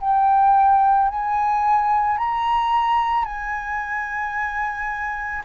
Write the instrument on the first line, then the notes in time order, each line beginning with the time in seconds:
flute
0.00 G5
1.09 G#5
2.18 A#5
3.25 G#5